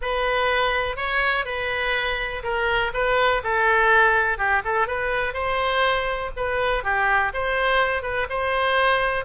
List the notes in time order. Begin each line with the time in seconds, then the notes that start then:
0.01 B4
0.96 C#5
1.45 B4
2.43 A#4
2.93 B4
3.43 A4
4.38 G4
4.64 A4
4.87 B4
5.33 C5
6.36 B4
6.83 G4
7.33 C5
8.02 B4
8.29 C5